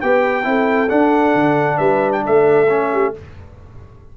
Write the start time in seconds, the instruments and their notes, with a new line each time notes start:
0.00 tuba B3, trombone G4, horn B4, trumpet G5
0.43 tuba C4, trombone E4, horn A4
0.89 trombone D4, tuba D4, trumpet F#5
1.34 tuba D3
1.77 tuba G3, horn B4, trumpet E5
2.12 trumpet G5
2.25 tuba A3, horn A4, trumpet E5
2.69 trombone C#4
2.92 horn G4